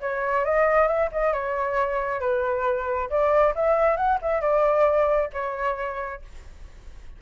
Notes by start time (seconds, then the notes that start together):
0.00 C#5
0.44 D#5
0.87 E5
1.12 D#5
1.33 C#5
2.20 B4
3.10 D5
3.55 E5
3.96 F#5
4.21 E5
4.41 D5
5.33 C#5